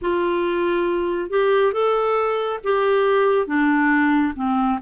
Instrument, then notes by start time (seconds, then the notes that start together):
clarinet
0.01 F4
1.30 G4
1.72 A4
2.63 G4
3.46 D4
4.35 C4